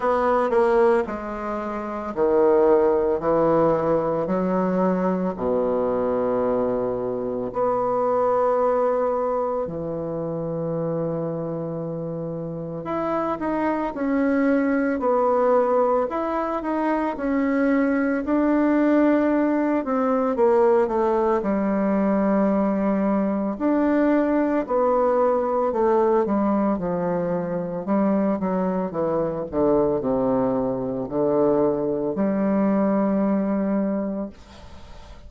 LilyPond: \new Staff \with { instrumentName = "bassoon" } { \time 4/4 \tempo 4 = 56 b8 ais8 gis4 dis4 e4 | fis4 b,2 b4~ | b4 e2. | e'8 dis'8 cis'4 b4 e'8 dis'8 |
cis'4 d'4. c'8 ais8 a8 | g2 d'4 b4 | a8 g8 f4 g8 fis8 e8 d8 | c4 d4 g2 | }